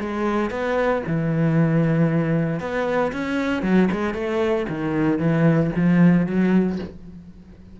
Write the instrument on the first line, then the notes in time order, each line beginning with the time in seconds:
cello
0.00 G#3
0.50 B3
1.06 E3
2.60 B3
3.12 C#4
3.62 F#3
3.92 G#3
4.14 A3
4.69 D#3
5.19 E3
5.76 F3
6.26 F#3